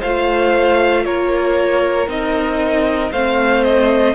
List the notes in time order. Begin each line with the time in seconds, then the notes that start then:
0.00 A3 F4 C5 F5
1.05 A#3 A#4 C#5
2.08 C4 D#4 D#5
3.11 A3 C4 C5 F5
3.64 D#5